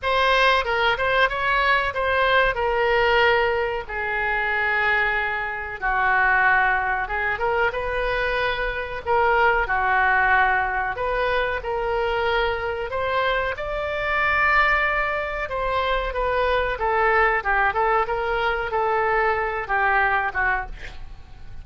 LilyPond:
\new Staff \with { instrumentName = "oboe" } { \time 4/4 \tempo 4 = 93 c''4 ais'8 c''8 cis''4 c''4 | ais'2 gis'2~ | gis'4 fis'2 gis'8 ais'8 | b'2 ais'4 fis'4~ |
fis'4 b'4 ais'2 | c''4 d''2. | c''4 b'4 a'4 g'8 a'8 | ais'4 a'4. g'4 fis'8 | }